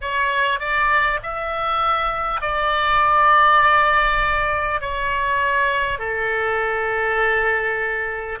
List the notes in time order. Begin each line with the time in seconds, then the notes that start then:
0.01 C#5
0.59 D5
1.23 E5
2.41 D5
4.80 C#5
5.98 A4